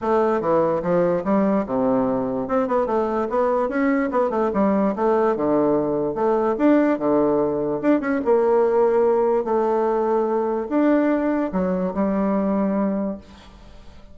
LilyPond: \new Staff \with { instrumentName = "bassoon" } { \time 4/4 \tempo 4 = 146 a4 e4 f4 g4 | c2 c'8 b8 a4 | b4 cis'4 b8 a8 g4 | a4 d2 a4 |
d'4 d2 d'8 cis'8 | ais2. a4~ | a2 d'2 | fis4 g2. | }